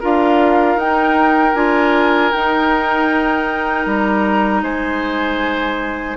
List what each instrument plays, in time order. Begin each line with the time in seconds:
0.00 bassoon D4, clarinet F4, oboe A#4, flute F5
0.76 bassoon D#4, clarinet D#4, flute G5
1.54 bassoon D4, clarinet F4, flute G#5
2.32 clarinet D#4, bassoon D#4, flute G5
3.86 bassoon G3, flute A#5
4.63 bassoon G#3, oboe C5, flute G#5